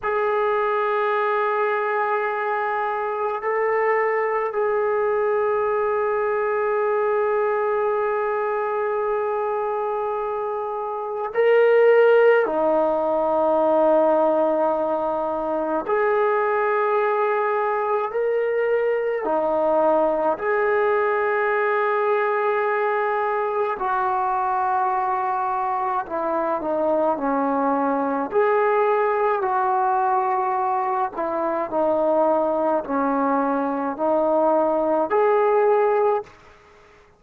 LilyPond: \new Staff \with { instrumentName = "trombone" } { \time 4/4 \tempo 4 = 53 gis'2. a'4 | gis'1~ | gis'2 ais'4 dis'4~ | dis'2 gis'2 |
ais'4 dis'4 gis'2~ | gis'4 fis'2 e'8 dis'8 | cis'4 gis'4 fis'4. e'8 | dis'4 cis'4 dis'4 gis'4 | }